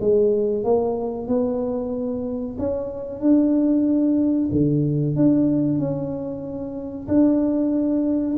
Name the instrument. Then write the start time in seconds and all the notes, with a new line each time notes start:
tuba
0.00 G#3
0.64 A#3
1.28 B3
2.59 C#4
3.20 D4
4.52 D3
5.16 D4
5.79 C#4
7.08 D4